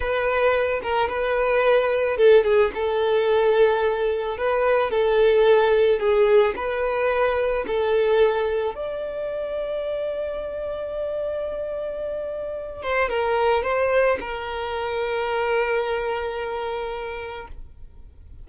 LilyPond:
\new Staff \with { instrumentName = "violin" } { \time 4/4 \tempo 4 = 110 b'4. ais'8 b'2 | a'8 gis'8 a'2. | b'4 a'2 gis'4 | b'2 a'2 |
d''1~ | d''2.~ d''8 c''8 | ais'4 c''4 ais'2~ | ais'1 | }